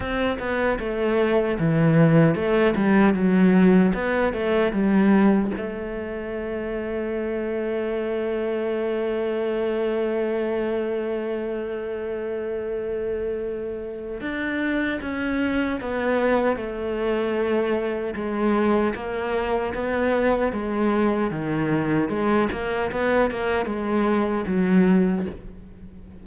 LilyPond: \new Staff \with { instrumentName = "cello" } { \time 4/4 \tempo 4 = 76 c'8 b8 a4 e4 a8 g8 | fis4 b8 a8 g4 a4~ | a1~ | a1~ |
a2 d'4 cis'4 | b4 a2 gis4 | ais4 b4 gis4 dis4 | gis8 ais8 b8 ais8 gis4 fis4 | }